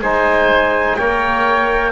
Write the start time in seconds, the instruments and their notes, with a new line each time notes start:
0.00 double bass G#3, trombone D#4, oboe C5, trumpet G#5
0.96 double bass A#3, trombone A#4, oboe C#5, trumpet G5